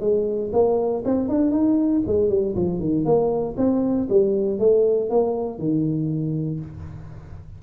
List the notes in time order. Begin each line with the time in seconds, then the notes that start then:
0.00 G#3
0.52 A#3
1.05 C4
1.28 D4
1.51 D#4
2.06 G#3
2.29 G3
2.55 F3
2.80 D#3
3.05 A#3
3.57 C4
4.09 G3
4.59 A3
5.10 A#3
5.58 D#3